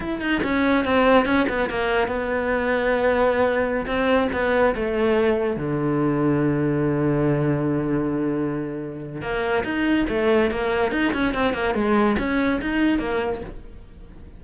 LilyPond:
\new Staff \with { instrumentName = "cello" } { \time 4/4 \tempo 4 = 143 e'8 dis'8 cis'4 c'4 cis'8 b8 | ais4 b2.~ | b4~ b16 c'4 b4 a8.~ | a4~ a16 d2~ d8.~ |
d1~ | d2 ais4 dis'4 | a4 ais4 dis'8 cis'8 c'8 ais8 | gis4 cis'4 dis'4 ais4 | }